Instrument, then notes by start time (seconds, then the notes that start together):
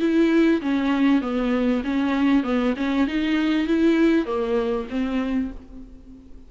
viola
0.00 E4
0.62 C#4
1.21 B3
1.85 C#4
2.44 B3
2.77 C#4
3.08 D#4
3.67 E4
4.26 A#3
4.90 C4